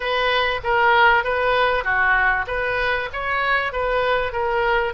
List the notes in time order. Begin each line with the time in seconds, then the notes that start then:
0.00 B4
0.63 A#4
1.24 B4
1.84 F#4
2.47 B4
3.12 C#5
3.72 B4
4.32 A#4